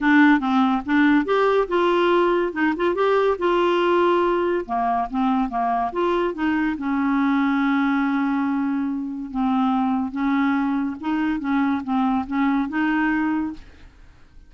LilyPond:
\new Staff \with { instrumentName = "clarinet" } { \time 4/4 \tempo 4 = 142 d'4 c'4 d'4 g'4 | f'2 dis'8 f'8 g'4 | f'2. ais4 | c'4 ais4 f'4 dis'4 |
cis'1~ | cis'2 c'2 | cis'2 dis'4 cis'4 | c'4 cis'4 dis'2 | }